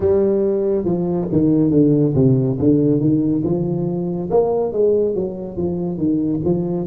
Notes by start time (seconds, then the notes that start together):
0.00 G3
0.85 F3
1.32 D#3
1.70 D3
2.14 C3
2.59 D3
3.00 D#3
3.44 F3
4.30 A#3
4.72 G#3
5.14 F#3
5.56 F3
5.97 D#3
6.44 F3